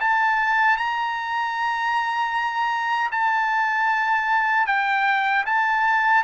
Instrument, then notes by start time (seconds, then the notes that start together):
trumpet
0.00 A5
0.77 A#5
3.11 A5
4.66 G5
5.46 A5